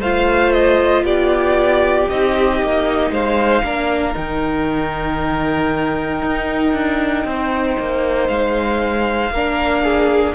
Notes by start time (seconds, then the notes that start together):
0.00 A3 F4 C5 F5
0.53 D#5
1.03 B3 G4 D5
2.09 C4 D#4 D#5
2.62 A#3
3.11 G#3 C5 F5
3.63 A#3 D4 A#4
4.14 D#3 D#4 G5
6.22 D#4
6.73 D4
7.25 C4 C5
7.80 A#3
8.28 G#3 F5
9.31 A#3 D4 A#4
9.84 G#4